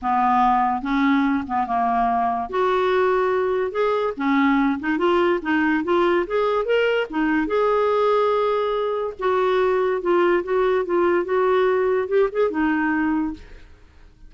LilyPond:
\new Staff \with { instrumentName = "clarinet" } { \time 4/4 \tempo 4 = 144 b2 cis'4. b8 | ais2 fis'2~ | fis'4 gis'4 cis'4. dis'8 | f'4 dis'4 f'4 gis'4 |
ais'4 dis'4 gis'2~ | gis'2 fis'2 | f'4 fis'4 f'4 fis'4~ | fis'4 g'8 gis'8 dis'2 | }